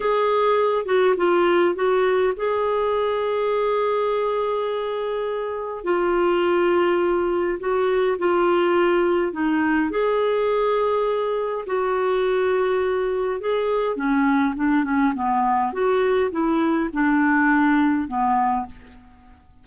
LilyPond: \new Staff \with { instrumentName = "clarinet" } { \time 4/4 \tempo 4 = 103 gis'4. fis'8 f'4 fis'4 | gis'1~ | gis'2 f'2~ | f'4 fis'4 f'2 |
dis'4 gis'2. | fis'2. gis'4 | cis'4 d'8 cis'8 b4 fis'4 | e'4 d'2 b4 | }